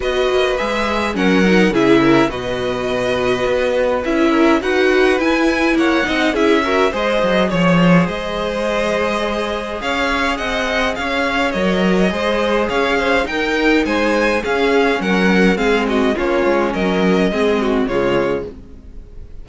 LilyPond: <<
  \new Staff \with { instrumentName = "violin" } { \time 4/4 \tempo 4 = 104 dis''4 e''4 fis''4 e''4 | dis''2. e''4 | fis''4 gis''4 fis''4 e''4 | dis''4 cis''4 dis''2~ |
dis''4 f''4 fis''4 f''4 | dis''2 f''4 g''4 | gis''4 f''4 fis''4 f''8 dis''8 | cis''4 dis''2 cis''4 | }
  \new Staff \with { instrumentName = "violin" } { \time 4/4 b'2 ais'4 gis'8 ais'8 | b'2.~ b'8 ais'8 | b'2 cis''8 dis''8 gis'8 ais'8 | c''4 cis''8 c''2~ c''8~ |
c''4 cis''4 dis''4 cis''4~ | cis''4 c''4 cis''8 c''8 ais'4 | c''4 gis'4 ais'4 gis'8 fis'8 | f'4 ais'4 gis'8 fis'8 f'4 | }
  \new Staff \with { instrumentName = "viola" } { \time 4/4 fis'4 gis'4 cis'8 dis'8 e'4 | fis'2. e'4 | fis'4 e'4. dis'8 e'8 fis'8 | gis'1~ |
gis'1 | ais'4 gis'2 dis'4~ | dis'4 cis'2 c'4 | cis'2 c'4 gis4 | }
  \new Staff \with { instrumentName = "cello" } { \time 4/4 b8 ais8 gis4 fis4 cis4 | b,2 b4 cis'4 | dis'4 e'4 ais8 c'8 cis'4 | gis8 fis8 f4 gis2~ |
gis4 cis'4 c'4 cis'4 | fis4 gis4 cis'4 dis'4 | gis4 cis'4 fis4 gis4 | ais8 gis8 fis4 gis4 cis4 | }
>>